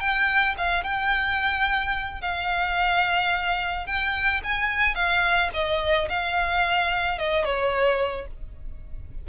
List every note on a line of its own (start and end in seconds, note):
0.00 0.55 G5
0.58 0.84 F5
0.84 2.21 G5
2.21 3.86 F5
3.86 4.41 G5
4.44 4.95 G#5
4.95 5.50 F5
5.53 6.09 D#5
6.09 7.18 F5
7.18 7.45 D#5
7.45 8.27 C#5